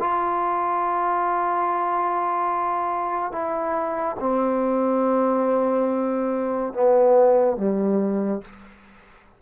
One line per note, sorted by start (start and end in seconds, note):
0.00 3.32 F4
3.32 4.17 E4
4.20 6.73 C4
6.74 7.57 B3
7.57 8.42 G3